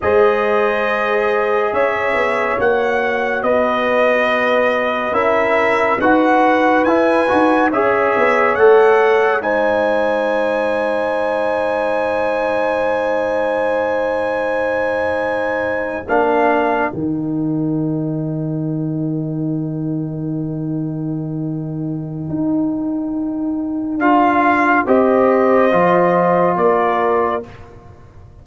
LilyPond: <<
  \new Staff \with { instrumentName = "trumpet" } { \time 4/4 \tempo 4 = 70 dis''2 e''4 fis''4 | dis''2 e''4 fis''4 | gis''4 e''4 fis''4 gis''4~ | gis''1~ |
gis''2~ gis''8. f''4 g''16~ | g''1~ | g''1 | f''4 dis''2 d''4 | }
  \new Staff \with { instrumentName = "horn" } { \time 4/4 c''2 cis''2 | b'2 ais'4 b'4~ | b'4 cis''2 c''4~ | c''1~ |
c''2~ c''8. ais'4~ ais'16~ | ais'1~ | ais'1~ | ais'4 c''2 ais'4 | }
  \new Staff \with { instrumentName = "trombone" } { \time 4/4 gis'2. fis'4~ | fis'2 e'4 fis'4 | e'8 fis'8 gis'4 a'4 dis'4~ | dis'1~ |
dis'2~ dis'8. d'4 dis'16~ | dis'1~ | dis'1 | f'4 g'4 f'2 | }
  \new Staff \with { instrumentName = "tuba" } { \time 4/4 gis2 cis'8 b8 ais4 | b2 cis'4 dis'4 | e'8 dis'8 cis'8 b8 a4 gis4~ | gis1~ |
gis2~ gis8. ais4 dis16~ | dis1~ | dis2 dis'2 | d'4 c'4 f4 ais4 | }
>>